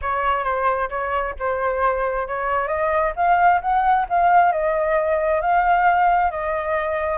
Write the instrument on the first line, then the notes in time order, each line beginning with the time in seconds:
flute
0.01 C#5
0.44 C5
0.89 C#5
1.39 C5
2.27 C#5
2.67 D#5
3.15 F5
3.61 F#5
4.09 F5
4.52 D#5
5.41 F5
6.30 D#5